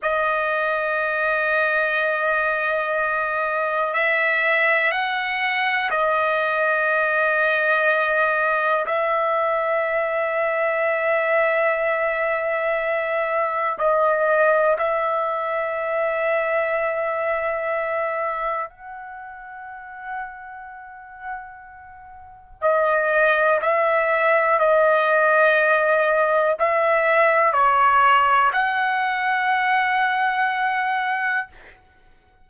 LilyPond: \new Staff \with { instrumentName = "trumpet" } { \time 4/4 \tempo 4 = 61 dis''1 | e''4 fis''4 dis''2~ | dis''4 e''2.~ | e''2 dis''4 e''4~ |
e''2. fis''4~ | fis''2. dis''4 | e''4 dis''2 e''4 | cis''4 fis''2. | }